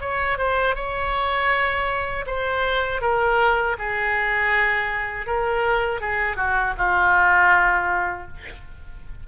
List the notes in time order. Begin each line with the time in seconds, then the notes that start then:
0.00 C#5
0.38 C5
0.75 C#5
2.26 C5
3.01 A#4
3.78 G#4
5.26 A#4
6.01 G#4
6.36 F#4
6.77 F4